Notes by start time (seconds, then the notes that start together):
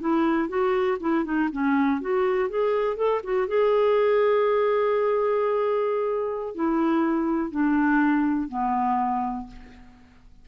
0.00 E4
0.48 F#4
1.00 E4
1.24 D#4
1.52 C#4
2.01 F#4
2.49 G#4
2.96 A4
3.23 F#4
3.47 G#4
6.55 E4
7.51 D4
8.48 B3